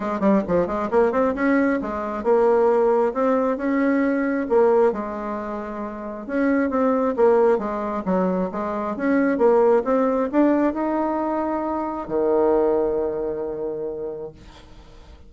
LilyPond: \new Staff \with { instrumentName = "bassoon" } { \time 4/4 \tempo 4 = 134 gis8 g8 f8 gis8 ais8 c'8 cis'4 | gis4 ais2 c'4 | cis'2 ais4 gis4~ | gis2 cis'4 c'4 |
ais4 gis4 fis4 gis4 | cis'4 ais4 c'4 d'4 | dis'2. dis4~ | dis1 | }